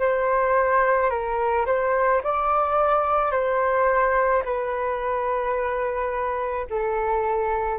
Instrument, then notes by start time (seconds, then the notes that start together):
flute
0.00 C5
1.11 A#4
1.67 C5
2.24 D5
3.32 C5
4.45 B4
6.70 A4